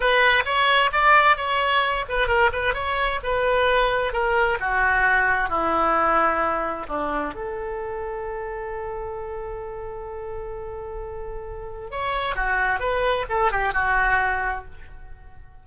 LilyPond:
\new Staff \with { instrumentName = "oboe" } { \time 4/4 \tempo 4 = 131 b'4 cis''4 d''4 cis''4~ | cis''8 b'8 ais'8 b'8 cis''4 b'4~ | b'4 ais'4 fis'2 | e'2. d'4 |
a'1~ | a'1~ | a'2 cis''4 fis'4 | b'4 a'8 g'8 fis'2 | }